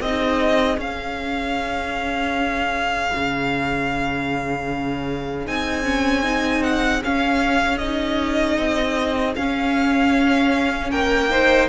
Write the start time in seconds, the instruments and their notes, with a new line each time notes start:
0.00 cello C4, viola D#4, violin G#4 D#5
0.77 cello C#4, viola C#4, violin F5
3.15 cello C#3
5.46 cello C4, viola D#4, violin G#5
5.85 viola C#4
6.23 viola D#4
6.63 violin F#5
7.03 viola C#4, cello C#4, violin F5
7.78 viola D#4, violin D#5
8.58 cello C4
9.36 cello C#4, viola C#4, violin F5
10.91 cello A#3, violin A#4 G5
11.30 viola D#4, violin C5